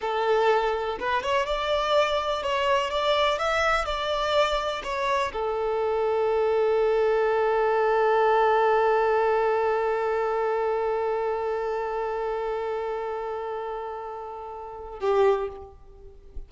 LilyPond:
\new Staff \with { instrumentName = "violin" } { \time 4/4 \tempo 4 = 124 a'2 b'8 cis''8 d''4~ | d''4 cis''4 d''4 e''4 | d''2 cis''4 a'4~ | a'1~ |
a'1~ | a'1~ | a'1~ | a'2. g'4 | }